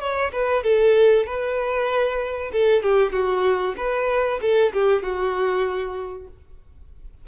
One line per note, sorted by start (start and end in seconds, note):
0.00 0.31 C#5
0.32 0.63 B4
0.63 1.26 A4
1.26 2.51 B4
2.52 2.82 A4
2.82 3.12 G4
3.12 3.74 F#4
3.77 4.39 B4
4.41 4.72 A4
4.73 5.02 G4
5.02 6.27 F#4